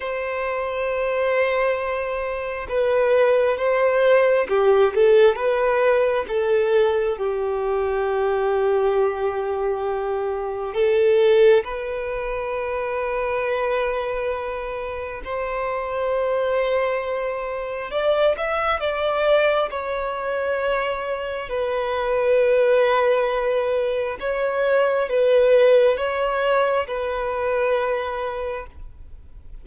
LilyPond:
\new Staff \with { instrumentName = "violin" } { \time 4/4 \tempo 4 = 67 c''2. b'4 | c''4 g'8 a'8 b'4 a'4 | g'1 | a'4 b'2.~ |
b'4 c''2. | d''8 e''8 d''4 cis''2 | b'2. cis''4 | b'4 cis''4 b'2 | }